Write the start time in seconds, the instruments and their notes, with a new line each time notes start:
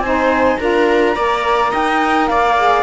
0.00 cello C4, saxophone D#4, flute G#5
0.06 viola C5
0.57 cello D4, saxophone F4, viola A#4, flute A#5
1.16 cello A#3, saxophone A#4, viola D5
1.71 cello D#4, viola D#5, flute G5
2.28 cello A#3, viola D5, flute F5
2.58 saxophone G#4